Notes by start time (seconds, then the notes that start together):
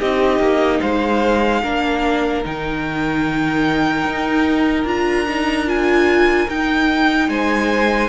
0.00 C4 D#4 G4 D#5
0.39 A#3
0.80 G#3 C5 F5
1.63 A#3 D4 A#4
2.44 D#3 D#4 G5
4.05 D#4
4.85 D4 F4 A#5
5.29 D#4
5.67 F4 G#5
6.49 D#4 G5
7.29 G#3 C5 G#5